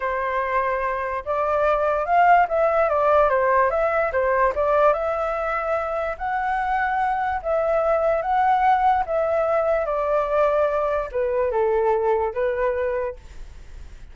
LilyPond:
\new Staff \with { instrumentName = "flute" } { \time 4/4 \tempo 4 = 146 c''2. d''4~ | d''4 f''4 e''4 d''4 | c''4 e''4 c''4 d''4 | e''2. fis''4~ |
fis''2 e''2 | fis''2 e''2 | d''2. b'4 | a'2 b'2 | }